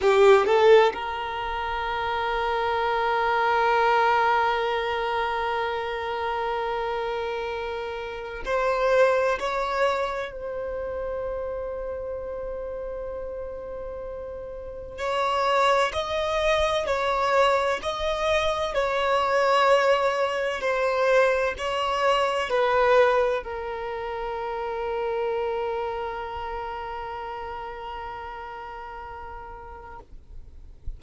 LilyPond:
\new Staff \with { instrumentName = "violin" } { \time 4/4 \tempo 4 = 64 g'8 a'8 ais'2.~ | ais'1~ | ais'4 c''4 cis''4 c''4~ | c''1 |
cis''4 dis''4 cis''4 dis''4 | cis''2 c''4 cis''4 | b'4 ais'2.~ | ais'1 | }